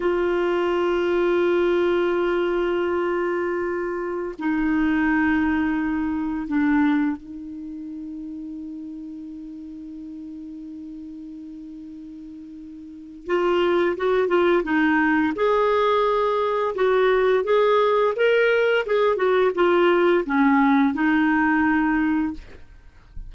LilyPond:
\new Staff \with { instrumentName = "clarinet" } { \time 4/4 \tempo 4 = 86 f'1~ | f'2~ f'16 dis'4.~ dis'16~ | dis'4~ dis'16 d'4 dis'4.~ dis'16~ | dis'1~ |
dis'2. f'4 | fis'8 f'8 dis'4 gis'2 | fis'4 gis'4 ais'4 gis'8 fis'8 | f'4 cis'4 dis'2 | }